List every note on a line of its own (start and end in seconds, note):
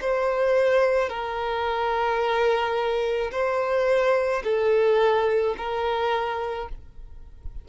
0.00 1.09 C5
1.09 3.31 A#4
3.31 4.42 C5
4.43 5.55 A4
5.57 6.68 A#4